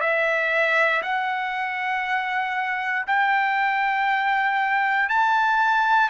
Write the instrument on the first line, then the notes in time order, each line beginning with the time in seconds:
trumpet
0.00 E5
1.02 F#5
3.06 G5
5.09 A5